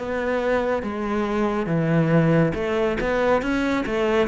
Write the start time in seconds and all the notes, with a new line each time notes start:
0.00 B3
0.83 G#3
1.67 E3
2.55 A3
3.01 B3
3.42 C#4
3.86 A3